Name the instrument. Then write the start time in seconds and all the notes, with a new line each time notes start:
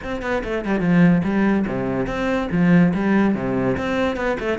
cello
0.03 C4
0.22 B3
0.44 A3
0.65 G3
0.80 F3
1.24 G3
1.67 C3
2.06 C4
2.51 F3
2.93 G3
3.34 C3
3.77 C4
4.16 B3
4.39 A3